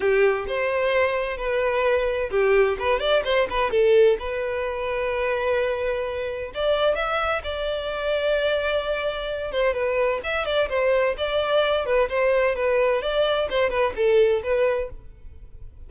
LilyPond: \new Staff \with { instrumentName = "violin" } { \time 4/4 \tempo 4 = 129 g'4 c''2 b'4~ | b'4 g'4 b'8 d''8 c''8 b'8 | a'4 b'2.~ | b'2 d''4 e''4 |
d''1~ | d''8 c''8 b'4 e''8 d''8 c''4 | d''4. b'8 c''4 b'4 | d''4 c''8 b'8 a'4 b'4 | }